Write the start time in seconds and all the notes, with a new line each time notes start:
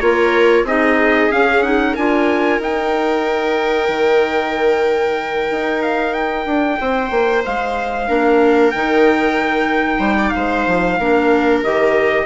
0.00 A#3 F4 A#4 C#5
0.63 C4 D#4 G#4 D#5
1.31 C#4 F5
1.62 D#4 F#5
1.92 D4 F4 A#4 G#5
2.59 D#4 G5
3.88 D#3
5.50 D#4
5.82 F5
6.13 G5
6.46 D4
6.80 C4 C5
7.10 A#3
7.45 G#3 F5
8.07 A#3 D4 A#4
8.71 D#3 D#4 G5
9.99 G3 C5
10.18 D5
10.29 C5 F5
10.36 G#3
10.66 F3
10.99 A#3 D4 A#4
11.64 D#3 G4 D#5